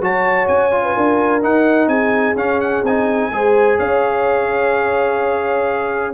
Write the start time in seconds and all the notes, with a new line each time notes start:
0.00 F#3 F#4 C#5 A5
0.47 C#4 G#5
0.71 F4
0.83 B4
0.95 D4 A#4
1.41 D#4 F#5
1.87 C4 G#4 G#5
2.35 C#4 F5
2.60 F#5
2.82 C4 D#4 G#5
3.30 G#3 G#4 C5
3.77 C#4 C#5 F5